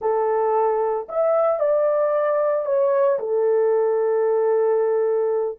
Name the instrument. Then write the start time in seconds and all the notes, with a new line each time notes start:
horn
0.01 A4
1.08 E5
1.59 D5
2.65 C#5
3.19 A4